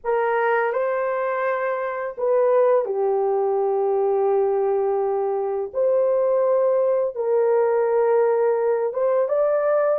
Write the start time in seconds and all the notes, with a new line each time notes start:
0.04 A#4
0.72 C5
2.17 B4
2.85 G4
5.73 C5
7.15 A#4
8.93 C5
9.28 D5